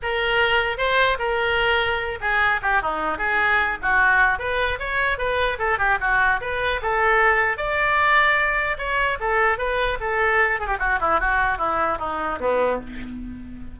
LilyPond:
\new Staff \with { instrumentName = "oboe" } { \time 4/4 \tempo 4 = 150 ais'2 c''4 ais'4~ | ais'4. gis'4 g'8 dis'4 | gis'4. fis'4. b'4 | cis''4 b'4 a'8 g'8 fis'4 |
b'4 a'2 d''4~ | d''2 cis''4 a'4 | b'4 a'4. gis'16 g'16 fis'8 e'8 | fis'4 e'4 dis'4 b4 | }